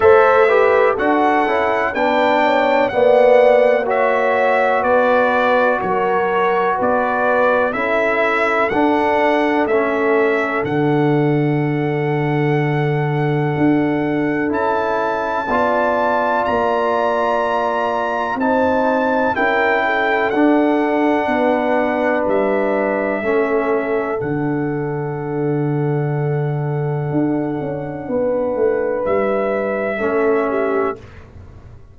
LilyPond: <<
  \new Staff \with { instrumentName = "trumpet" } { \time 4/4 \tempo 4 = 62 e''4 fis''4 g''4 fis''4 | e''4 d''4 cis''4 d''4 | e''4 fis''4 e''4 fis''4~ | fis''2. a''4~ |
a''4 ais''2 a''4 | g''4 fis''2 e''4~ | e''4 fis''2.~ | fis''2 e''2 | }
  \new Staff \with { instrumentName = "horn" } { \time 4/4 c''8 b'8 a'4 b'8 cis''8 d''4 | cis''4 b'4 ais'4 b'4 | a'1~ | a'1 |
d''2. c''4 | ais'8 a'4. b'2 | a'1~ | a'4 b'2 a'8 g'8 | }
  \new Staff \with { instrumentName = "trombone" } { \time 4/4 a'8 g'8 fis'8 e'8 d'4 b4 | fis'1 | e'4 d'4 cis'4 d'4~ | d'2. e'4 |
f'2. dis'4 | e'4 d'2. | cis'4 d'2.~ | d'2. cis'4 | }
  \new Staff \with { instrumentName = "tuba" } { \time 4/4 a4 d'8 cis'8 b4 ais4~ | ais4 b4 fis4 b4 | cis'4 d'4 a4 d4~ | d2 d'4 cis'4 |
b4 ais2 c'4 | cis'4 d'4 b4 g4 | a4 d2. | d'8 cis'8 b8 a8 g4 a4 | }
>>